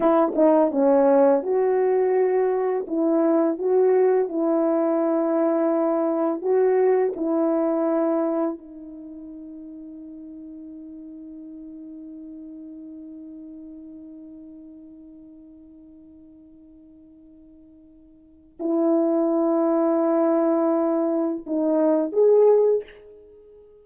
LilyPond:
\new Staff \with { instrumentName = "horn" } { \time 4/4 \tempo 4 = 84 e'8 dis'8 cis'4 fis'2 | e'4 fis'4 e'2~ | e'4 fis'4 e'2 | dis'1~ |
dis'1~ | dis'1~ | dis'2 e'2~ | e'2 dis'4 gis'4 | }